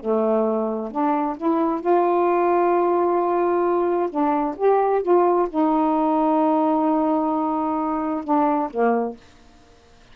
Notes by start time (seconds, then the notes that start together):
0.00 A3
0.91 D4
1.37 E4
1.81 F4
4.10 D4
4.57 G4
5.03 F4
5.50 D#4
8.24 D4
8.71 A#3